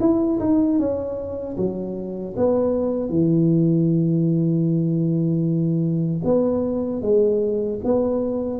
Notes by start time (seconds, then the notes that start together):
0.00 E4
0.40 D#4
0.79 C#4
1.57 F#3
2.36 B3
3.09 E3
6.24 B3
7.02 G#3
7.84 B3